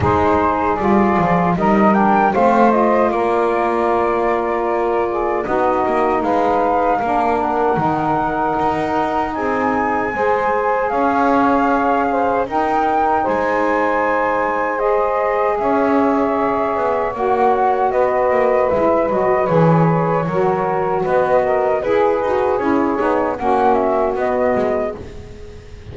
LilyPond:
<<
  \new Staff \with { instrumentName = "flute" } { \time 4/4 \tempo 4 = 77 c''4 d''4 dis''8 g''8 f''8 dis''8 | d''2. dis''4 | f''4. fis''2~ fis''8 | gis''2 f''2 |
g''4 gis''2 dis''4 | e''2 fis''4 dis''4 | e''8 dis''8 cis''2 dis''4 | b'4 cis''4 fis''8 e''8 dis''4 | }
  \new Staff \with { instrumentName = "saxophone" } { \time 4/4 gis'2 ais'4 c''4 | ais'2~ ais'8 gis'8 fis'4 | b'4 ais'2. | gis'4 c''4 cis''4. c''8 |
ais'4 c''2. | cis''2. b'4~ | b'2 ais'4 b'8 ais'8 | gis'2 fis'2 | }
  \new Staff \with { instrumentName = "saxophone" } { \time 4/4 dis'4 f'4 dis'8 d'8 c'8 f'8~ | f'2. dis'4~ | dis'4 d'4 dis'2~ | dis'4 gis'2. |
dis'2. gis'4~ | gis'2 fis'2 | e'8 fis'8 gis'4 fis'2 | gis'8 fis'8 e'8 dis'8 cis'4 b4 | }
  \new Staff \with { instrumentName = "double bass" } { \time 4/4 gis4 g8 f8 g4 a4 | ais2. b8 ais8 | gis4 ais4 dis4 dis'4 | c'4 gis4 cis'2 |
dis'4 gis2. | cis'4. b8 ais4 b8 ais8 | gis8 fis8 e4 fis4 b4 | e'8 dis'8 cis'8 b8 ais4 b8 gis8 | }
>>